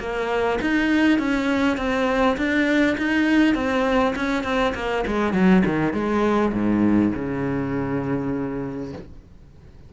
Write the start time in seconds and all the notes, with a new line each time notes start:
0.00 A#3
0.61 D#4
1.19 C#4
1.77 C4
2.37 D4
2.98 D#4
3.55 C4
4.16 C#4
4.44 C4
4.75 A#3
5.07 G#3
5.33 F#3
5.65 D#3
5.93 G#3
6.53 G#2
7.14 C#3